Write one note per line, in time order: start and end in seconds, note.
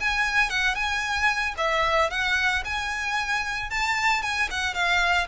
0.00 0.50 G#5
0.50 0.75 F#5
0.75 1.55 G#5
1.57 2.10 E5
2.10 2.63 F#5
2.65 3.70 G#5
3.70 4.22 A5
4.22 4.49 G#5
4.51 4.74 F#5
4.74 5.27 F5